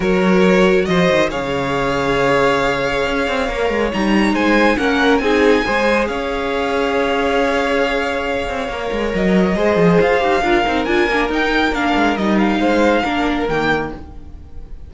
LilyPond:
<<
  \new Staff \with { instrumentName = "violin" } { \time 4/4 \tempo 4 = 138 cis''2 dis''4 f''4~ | f''1~ | f''4 ais''4 gis''4 fis''4 | gis''2 f''2~ |
f''1~ | f''4 dis''2 f''4~ | f''4 gis''4 g''4 f''4 | dis''8 f''2~ f''8 g''4 | }
  \new Staff \with { instrumentName = "violin" } { \time 4/4 ais'2 c''4 cis''4~ | cis''1~ | cis''2 c''4 ais'4 | gis'4 c''4 cis''2~ |
cis''1~ | cis''2 c''2 | ais'1~ | ais'4 c''4 ais'2 | }
  \new Staff \with { instrumentName = "viola" } { \time 4/4 fis'2. gis'4~ | gis'1 | ais'4 dis'2 cis'4 | dis'4 gis'2.~ |
gis'1 | ais'2 gis'4. g'8 | f'8 dis'8 f'8 d'8 dis'4 d'4 | dis'2 d'4 ais4 | }
  \new Staff \with { instrumentName = "cello" } { \time 4/4 fis2 f8 dis8 cis4~ | cis2. cis'8 c'8 | ais8 gis8 g4 gis4 ais4 | c'4 gis4 cis'2~ |
cis'2.~ cis'8 c'8 | ais8 gis8 fis4 gis8 f8 f'8 dis'8 | d'8 c'8 d'8 ais8 dis'4 ais8 gis8 | g4 gis4 ais4 dis4 | }
>>